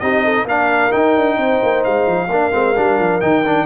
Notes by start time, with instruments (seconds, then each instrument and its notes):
0.00 tuba C4, trombone D#4, horn G4, trumpet D#5
0.24 horn A4
0.45 tuba A#3, trombone D4, horn A#4, trumpet F5
0.91 trombone D#4, tuba D#4, trumpet G5
1.17 tuba D4
1.37 tuba C4, horn C5
1.63 tuba A#3
1.84 tuba G#3, trumpet F5
2.07 tuba F3
2.29 tuba A#3, trombone D4, horn A#4
2.52 tuba G#3, trombone C4
2.75 tuba G3, trombone D4
2.99 tuba F3
3.21 tuba D#3, trombone D#4, trumpet G5
3.46 trombone D4